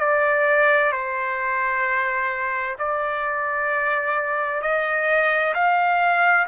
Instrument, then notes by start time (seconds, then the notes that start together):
trumpet
0.00 D5
0.92 C5
2.79 D5
4.62 D#5
5.54 F5